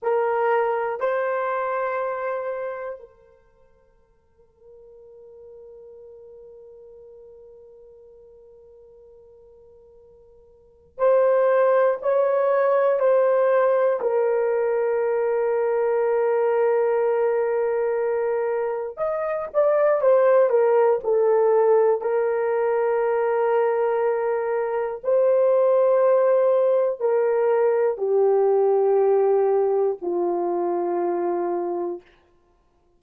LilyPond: \new Staff \with { instrumentName = "horn" } { \time 4/4 \tempo 4 = 60 ais'4 c''2 ais'4~ | ais'1~ | ais'2. c''4 | cis''4 c''4 ais'2~ |
ais'2. dis''8 d''8 | c''8 ais'8 a'4 ais'2~ | ais'4 c''2 ais'4 | g'2 f'2 | }